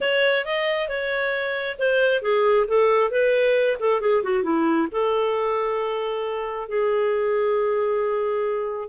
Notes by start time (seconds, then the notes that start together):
0.00 C#5
0.45 D#5
0.88 C#5
1.78 C5
2.22 G#4
2.67 A4
3.11 B4
3.79 A4
4.00 G#4
4.23 F#4
4.43 E4
4.91 A4
6.68 G#4